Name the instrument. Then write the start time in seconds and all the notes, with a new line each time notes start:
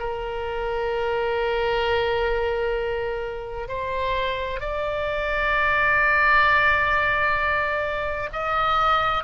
oboe
0.00 A#4
3.68 C5
4.61 D5
8.33 D#5